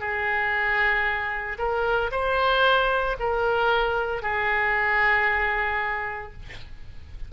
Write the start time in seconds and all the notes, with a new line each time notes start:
0.00 G#4
1.58 A#4
2.11 C5
3.20 A#4
4.22 G#4